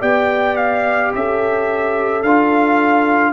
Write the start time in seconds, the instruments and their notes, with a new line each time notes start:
0.00 tuba B3, trombone G4, horn D5, trumpet G5
0.56 trumpet F5
1.14 tuba C#4, horn A4, trumpet E5
2.22 tuba D4, trombone F4, trumpet F5